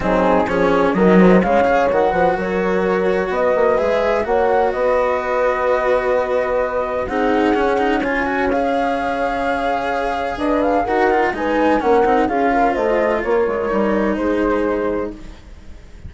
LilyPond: <<
  \new Staff \with { instrumentName = "flute" } { \time 4/4 \tempo 4 = 127 gis'4 cis''4 dis''4 f''4 | fis''4 cis''2 dis''4 | e''4 fis''4 dis''2~ | dis''2. fis''4~ |
fis''4 gis''4 f''2~ | f''2 dis''8 f''8 fis''4 | gis''4 fis''4 f''4 dis''4 | cis''2 c''2 | }
  \new Staff \with { instrumentName = "horn" } { \time 4/4 dis'4 gis'4 ais'8 c''8 cis''4~ | cis''8 b'8 ais'2 b'4~ | b'4 cis''4 b'2~ | b'2. gis'4~ |
gis'4 cis''2.~ | cis''2 b'4 ais'4 | b'4 ais'4 gis'8 ais'8 c''4 | ais'2 gis'2 | }
  \new Staff \with { instrumentName = "cello" } { \time 4/4 c'4 cis'4 fis4 gis8 gis'8 | fis'1 | gis'4 fis'2.~ | fis'2. dis'4 |
cis'8 dis'8 f'8 fis'8 gis'2~ | gis'2. fis'8 f'8 | dis'4 cis'8 dis'8 f'2~ | f'4 dis'2. | }
  \new Staff \with { instrumentName = "bassoon" } { \time 4/4 fis4 f4 dis4 cis4 | dis8 f8 fis2 b8 ais8 | gis4 ais4 b2~ | b2. c'4 |
cis'1~ | cis'2 d'4 dis'4 | gis4 ais8 c'8 cis'4 a4 | ais8 gis8 g4 gis2 | }
>>